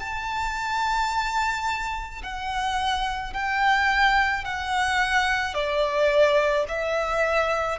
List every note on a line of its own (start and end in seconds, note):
0.00 2.22 A5
2.23 3.33 F#5
3.33 4.44 G5
4.45 5.54 F#5
5.54 6.65 D5
6.68 7.79 E5